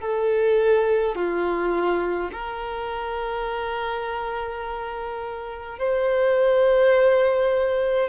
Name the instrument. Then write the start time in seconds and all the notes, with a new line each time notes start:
violin
0.00 A4
1.15 F4
2.32 A#4
5.78 C5